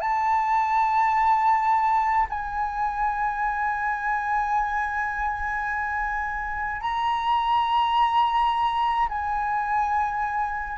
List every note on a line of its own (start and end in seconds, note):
0.00 2.26 A5
2.30 6.81 G#5
6.81 9.08 A#5
9.08 10.78 G#5